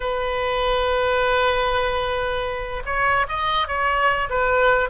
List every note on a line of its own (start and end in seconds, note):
0.00 2.82 B4
2.85 3.26 C#5
3.28 3.67 D#5
3.67 4.29 C#5
4.29 4.89 B4